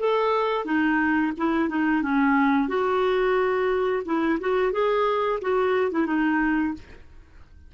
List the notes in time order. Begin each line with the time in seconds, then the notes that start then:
0.00 A4
0.65 D#4
1.38 E4
1.69 D#4
2.03 C#4
2.69 F#4
4.06 E4
4.41 F#4
4.73 G#4
5.42 F#4
5.92 E4
6.07 D#4